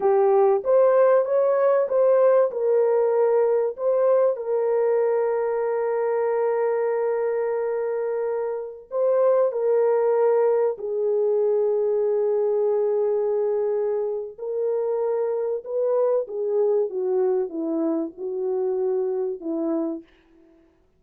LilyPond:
\new Staff \with { instrumentName = "horn" } { \time 4/4 \tempo 4 = 96 g'4 c''4 cis''4 c''4 | ais'2 c''4 ais'4~ | ais'1~ | ais'2~ ais'16 c''4 ais'8.~ |
ais'4~ ais'16 gis'2~ gis'8.~ | gis'2. ais'4~ | ais'4 b'4 gis'4 fis'4 | e'4 fis'2 e'4 | }